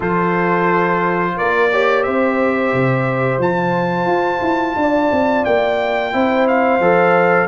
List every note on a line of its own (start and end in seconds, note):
0.00 1.34 F3
0.00 1.70 F4
0.00 1.33 A4
0.00 1.37 C5
1.37 2.07 A#3
1.37 1.71 A#4
1.37 2.03 D5
1.72 3.41 G4
1.72 2.05 C#5
2.03 2.73 C4
2.03 4.78 C5
2.03 3.39 E5
2.73 3.38 C3
3.38 4.06 F3
3.38 6.12 F4
3.38 5.44 A5
4.06 4.40 F4
4.41 4.75 E4
4.76 5.10 D4
4.76 6.13 D5
5.11 5.45 C4
5.44 6.14 A#3
5.44 6.47 G5
6.12 6.79 C4
6.12 6.80 E4
6.12 7.47 C5
6.47 7.47 F5
6.79 7.47 F3
6.79 7.47 A4